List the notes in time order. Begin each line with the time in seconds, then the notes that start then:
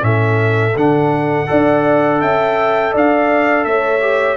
0.00 A2 C#4 A4 E5
0.76 D3 D4 F#5
1.47 D4 A4 D5
2.21 C#4 E5 G5
2.92 D4 D5 F5
3.64 A3 C#5 E5
4.01 G4